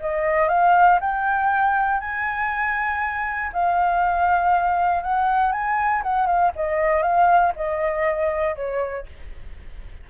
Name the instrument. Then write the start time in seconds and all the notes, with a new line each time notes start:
flute
0.00 D#5
0.49 F5
1.01 G5
2.01 G#5
3.53 F5
5.03 F#5
5.52 G#5
6.03 F#5
6.27 F5
6.56 D#5
7.03 F5
7.56 D#5
8.56 C#5